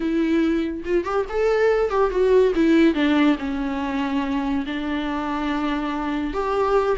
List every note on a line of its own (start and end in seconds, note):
0.00 0.83 E4
0.84 1.04 F4
1.04 1.25 G4
1.29 1.90 A4
1.90 2.10 G4
2.10 2.52 F#4
2.55 2.94 E4
2.94 3.36 D4
3.38 4.65 C#4
4.65 6.33 D4
6.33 6.96 G4